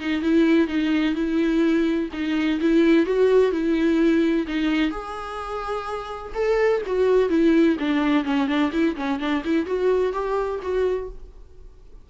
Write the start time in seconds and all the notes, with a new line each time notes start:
0.00 D#4
0.22 E4
0.67 D#4
1.15 E4
2.13 D#4
2.61 E4
3.06 F#4
3.52 E4
4.47 D#4
4.91 G#4
6.34 A4
6.86 F#4
7.29 E4
7.79 D4
8.24 C#4
8.47 D4
8.72 E4
8.96 C#4
9.19 D4
9.44 E4
9.66 F#4
10.13 G4
10.62 F#4